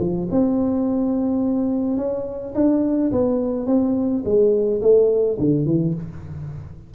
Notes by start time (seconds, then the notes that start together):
0.00 F3
0.32 C4
1.98 C#4
2.55 D4
3.12 B3
3.67 C4
4.25 G#3
4.82 A3
5.39 D3
5.66 E3